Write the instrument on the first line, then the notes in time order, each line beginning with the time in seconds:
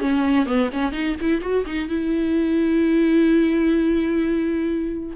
viola
0.00 C#4
0.46 B3
0.72 C#4
0.92 D#4
1.20 E4
1.41 F#4
1.66 D#4
1.88 E4